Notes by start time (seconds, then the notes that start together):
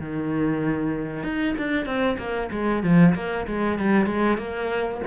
0.00 D#3
1.23 D#4
1.58 D4
1.86 C4
2.18 A#3
2.51 G#3
2.83 F3
3.15 A#3
3.47 G#3
3.79 G3
4.06 G#3
4.38 A#3